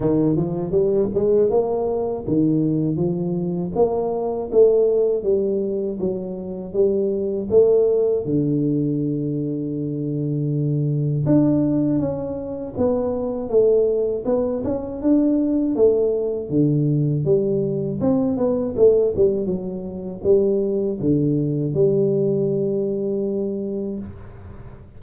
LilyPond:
\new Staff \with { instrumentName = "tuba" } { \time 4/4 \tempo 4 = 80 dis8 f8 g8 gis8 ais4 dis4 | f4 ais4 a4 g4 | fis4 g4 a4 d4~ | d2. d'4 |
cis'4 b4 a4 b8 cis'8 | d'4 a4 d4 g4 | c'8 b8 a8 g8 fis4 g4 | d4 g2. | }